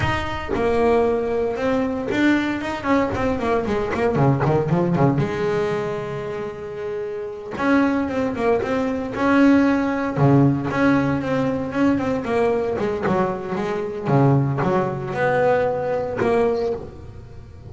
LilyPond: \new Staff \with { instrumentName = "double bass" } { \time 4/4 \tempo 4 = 115 dis'4 ais2 c'4 | d'4 dis'8 cis'8 c'8 ais8 gis8 ais8 | cis8 dis8 f8 cis8 gis2~ | gis2~ gis8 cis'4 c'8 |
ais8 c'4 cis'2 cis8~ | cis8 cis'4 c'4 cis'8 c'8 ais8~ | ais8 gis8 fis4 gis4 cis4 | fis4 b2 ais4 | }